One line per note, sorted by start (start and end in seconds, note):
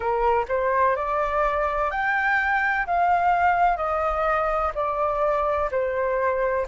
0.00 0.45 A#4
0.48 0.95 C5
0.95 1.90 D5
1.90 2.86 G5
2.86 3.76 F5
3.76 4.71 D#5
4.74 5.70 D5
5.71 6.66 C5